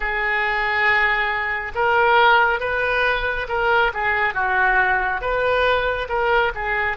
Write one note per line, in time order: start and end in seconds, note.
0.00 1.72 G#4
1.74 2.60 A#4
2.60 3.47 B4
3.48 3.91 A#4
3.93 4.34 G#4
4.34 5.21 F#4
5.21 6.08 B4
6.08 6.52 A#4
6.55 6.97 G#4